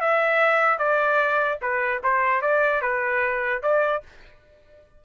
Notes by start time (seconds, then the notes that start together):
0.00 E5
0.78 D5
1.61 B4
2.03 C5
2.41 D5
2.81 B4
3.62 D5